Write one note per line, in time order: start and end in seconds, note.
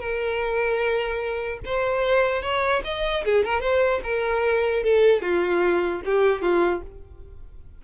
0.00 1.60 A#4
1.66 2.43 C5
2.43 2.83 C#5
2.85 3.25 D#5
3.25 3.45 G#4
3.45 3.61 A#4
3.61 4.01 C5
4.04 4.84 A#4
4.84 5.22 A4
5.22 6.02 F4
6.06 6.42 G4
6.42 6.82 F4